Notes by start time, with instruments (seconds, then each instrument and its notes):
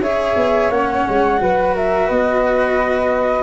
0.00 tuba C#4, cello G#4, flute C#5 E5
0.36 tuba B3
0.70 tuba A#3, cello C#4, flute F#5
1.08 tuba G#3
1.37 tuba F#3, cello F#4, flute B4
1.75 flute A#4 E5
2.06 tuba B3, flute B4 D#5